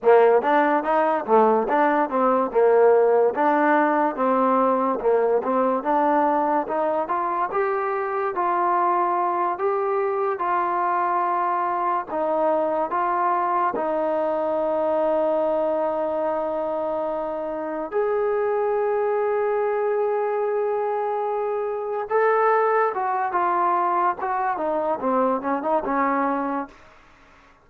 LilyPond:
\new Staff \with { instrumentName = "trombone" } { \time 4/4 \tempo 4 = 72 ais8 d'8 dis'8 a8 d'8 c'8 ais4 | d'4 c'4 ais8 c'8 d'4 | dis'8 f'8 g'4 f'4. g'8~ | g'8 f'2 dis'4 f'8~ |
f'8 dis'2.~ dis'8~ | dis'4. gis'2~ gis'8~ | gis'2~ gis'8 a'4 fis'8 | f'4 fis'8 dis'8 c'8 cis'16 dis'16 cis'4 | }